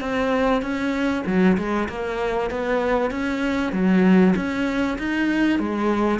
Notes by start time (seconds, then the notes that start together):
0.00 C4
0.62 C#4
1.26 F#3
1.57 G#3
1.88 A#3
2.50 B3
3.10 C#4
3.72 F#3
4.36 C#4
4.98 D#4
5.59 G#3